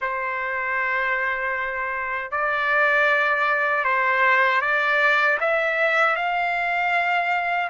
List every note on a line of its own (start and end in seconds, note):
0.01 2.31 C5
2.31 3.84 D5
3.84 4.61 C5
4.61 5.38 D5
5.40 6.16 E5
6.16 7.70 F5